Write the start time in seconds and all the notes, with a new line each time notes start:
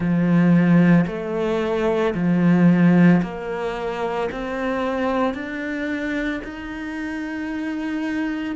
0.00 F3
1.07 A3
2.14 F3
3.22 A#3
4.31 C4
5.34 D4
6.44 D#4